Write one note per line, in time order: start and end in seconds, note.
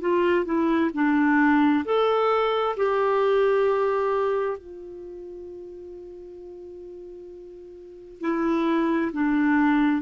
0.00 0.45 F4
0.45 0.90 E4
0.94 1.85 D4
1.85 2.76 A4
2.77 4.58 G4
4.58 8.21 F4
8.21 9.12 E4
9.13 10.02 D4